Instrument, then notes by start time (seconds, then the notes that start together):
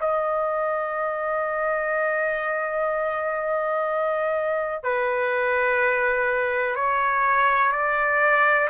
trumpet
0.00 D#5
4.83 B4
6.75 C#5
7.72 D5